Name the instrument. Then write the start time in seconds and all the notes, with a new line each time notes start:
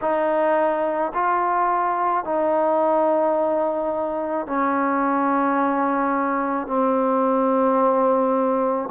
trombone
0.01 D#4
1.14 F4
2.24 D#4
4.46 C#4
6.67 C4